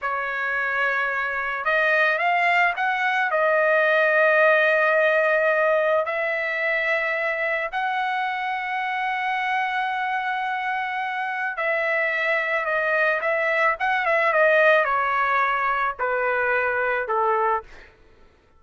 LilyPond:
\new Staff \with { instrumentName = "trumpet" } { \time 4/4 \tempo 4 = 109 cis''2. dis''4 | f''4 fis''4 dis''2~ | dis''2. e''4~ | e''2 fis''2~ |
fis''1~ | fis''4 e''2 dis''4 | e''4 fis''8 e''8 dis''4 cis''4~ | cis''4 b'2 a'4 | }